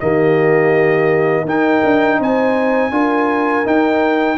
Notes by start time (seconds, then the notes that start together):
0.00 D#3 A#3 G4 D#5
1.45 D#4 A#4 G5
1.84 D4
2.19 C4 C5 G#5
2.91 D4 F4 A#4
3.64 D#4 G5